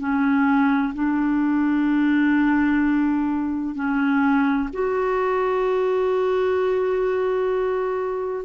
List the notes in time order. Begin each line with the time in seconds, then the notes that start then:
0.00 C#4
0.95 D4
3.75 C#4
4.73 F#4